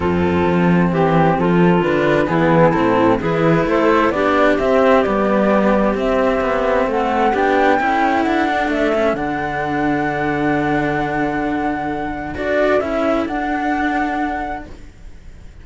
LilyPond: <<
  \new Staff \with { instrumentName = "flute" } { \time 4/4 \tempo 4 = 131 a'2 g'4 a'4 | b'4 gis'4 a'4 b'4 | c''4 d''4 e''4 d''4~ | d''4 e''2 fis''4 |
g''2 fis''4 e''4 | fis''1~ | fis''2. d''4 | e''4 fis''2. | }
  \new Staff \with { instrumentName = "clarinet" } { \time 4/4 f'2 g'4 f'4~ | f'4 e'2 gis'4 | a'4 g'2.~ | g'2. a'4 |
g'4 a'2.~ | a'1~ | a'1~ | a'1 | }
  \new Staff \with { instrumentName = "cello" } { \time 4/4 c'1 | d'4 b4 c'4 e'4~ | e'4 d'4 c'4 b4~ | b4 c'2. |
d'4 e'4. d'4 cis'8 | d'1~ | d'2. fis'4 | e'4 d'2. | }
  \new Staff \with { instrumentName = "cello" } { \time 4/4 f,4 f4 e4 f4 | d4 e4 a,4 e4 | a4 b4 c'4 g4~ | g4 c'4 b4 a4 |
b4 cis'4 d'4 a4 | d1~ | d2. d'4 | cis'4 d'2. | }
>>